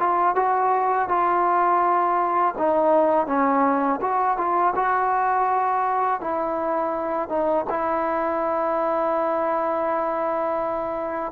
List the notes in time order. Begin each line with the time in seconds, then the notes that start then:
0.00 F4
0.36 F#4
1.09 F4
2.58 D#4
3.27 C#4
4.01 F#4
4.38 F4
4.76 F#4
6.21 E4
7.29 D#4
7.70 E4